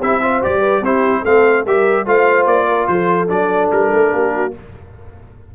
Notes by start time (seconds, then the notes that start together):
0.00 C4 E4 G4 E5
0.22 F4 C5
0.42 G3 G4 D5
0.60 B4
0.81 C4 E4 G4 C5
1.21 A3 C4 A4 F5
1.65 G3 G4 A#4 E5
2.06 A3 F4 C5 F5
2.46 A#3 D5
2.68 A#4
2.88 F3 A4 C5
3.28 F#3 D4 D5
3.72 G3 A#4
3.94 A3
4.13 A#3 G4
4.35 F#4